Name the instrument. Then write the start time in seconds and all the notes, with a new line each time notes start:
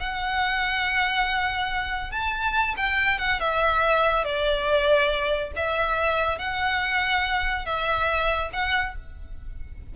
violin
0.00 F#5
2.11 A5
2.77 G5
3.19 F#5
3.40 E5
4.25 D5
5.56 E5
6.39 F#5
7.66 E5
8.53 F#5